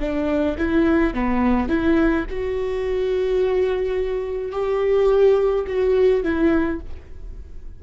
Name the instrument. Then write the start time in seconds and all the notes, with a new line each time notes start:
viola
0.00 D4
0.58 E4
1.14 B3
1.69 E4
2.30 F#4
4.52 G4
5.67 F#4
6.24 E4